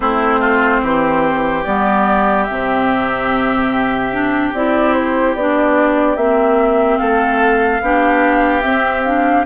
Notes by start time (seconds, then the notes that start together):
0.00 A3 C4 E4 C5
0.40 F4
0.82 E3 G4
1.64 G3 B3 D5
2.44 C4 E5
2.51 C3
4.12 D4
4.53 C4 E4 D5
4.93 C5
5.35 B3 D4 D5
6.16 A#3 C4 E5
6.98 A3 A4 F5
7.81 B3 D4 G4
8.61 C4 E5
9.03 D4 F5